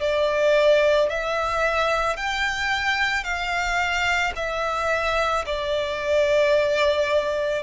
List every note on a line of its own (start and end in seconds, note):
0.00 1.09 D5
1.09 2.16 E5
2.16 3.23 G5
3.23 4.32 F5
4.36 5.45 E5
5.45 7.63 D5